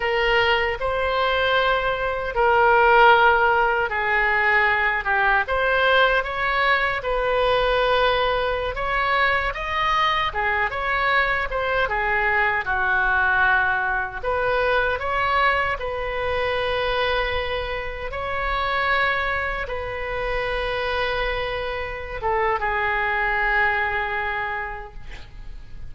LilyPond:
\new Staff \with { instrumentName = "oboe" } { \time 4/4 \tempo 4 = 77 ais'4 c''2 ais'4~ | ais'4 gis'4. g'8 c''4 | cis''4 b'2~ b'16 cis''8.~ | cis''16 dis''4 gis'8 cis''4 c''8 gis'8.~ |
gis'16 fis'2 b'4 cis''8.~ | cis''16 b'2. cis''8.~ | cis''4~ cis''16 b'2~ b'8.~ | b'8 a'8 gis'2. | }